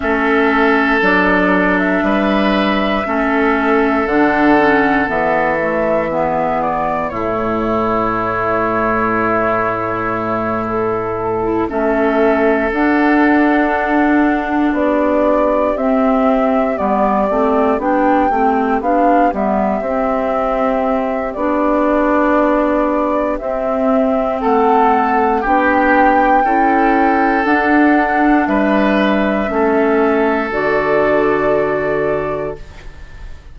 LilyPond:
<<
  \new Staff \with { instrumentName = "flute" } { \time 4/4 \tempo 4 = 59 e''4 d''8. e''2~ e''16 | fis''4 e''4. d''8 cis''4~ | cis''2~ cis''8 a'4 e''8~ | e''8 fis''2 d''4 e''8~ |
e''8 d''4 g''4 f''8 e''4~ | e''4 d''2 e''4 | fis''4 g''2 fis''4 | e''2 d''2 | }
  \new Staff \with { instrumentName = "oboe" } { \time 4/4 a'2 b'4 a'4~ | a'2 gis'4 e'4~ | e'2.~ e'8 a'8~ | a'2~ a'8 g'4.~ |
g'1~ | g'1 | a'4 g'4 a'2 | b'4 a'2. | }
  \new Staff \with { instrumentName = "clarinet" } { \time 4/4 cis'4 d'2 cis'4 | d'8 cis'8 b8 a8 b4 a4~ | a2.~ a16 e'16 cis'8~ | cis'8 d'2. c'8~ |
c'8 b8 c'8 d'8 c'8 d'8 b8 c'8~ | c'4 d'2 c'4~ | c'4 d'4 e'4 d'4~ | d'4 cis'4 fis'2 | }
  \new Staff \with { instrumentName = "bassoon" } { \time 4/4 a4 fis4 g4 a4 | d4 e2 a,4~ | a,2.~ a,8 a8~ | a8 d'2 b4 c'8~ |
c'8 g8 a8 b8 a8 b8 g8 c'8~ | c'4 b2 c'4 | a4 b4 cis'4 d'4 | g4 a4 d2 | }
>>